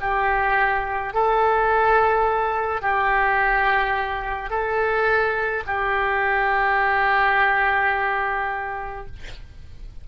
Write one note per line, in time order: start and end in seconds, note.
0.00 1.13 G4
1.13 2.81 A4
2.81 4.50 G4
4.50 5.63 A4
5.66 9.06 G4